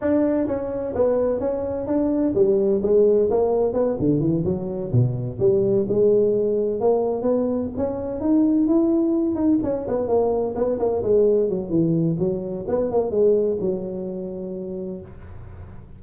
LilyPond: \new Staff \with { instrumentName = "tuba" } { \time 4/4 \tempo 4 = 128 d'4 cis'4 b4 cis'4 | d'4 g4 gis4 ais4 | b8 d8 e8 fis4 b,4 g8~ | g8 gis2 ais4 b8~ |
b8 cis'4 dis'4 e'4. | dis'8 cis'8 b8 ais4 b8 ais8 gis8~ | gis8 fis8 e4 fis4 b8 ais8 | gis4 fis2. | }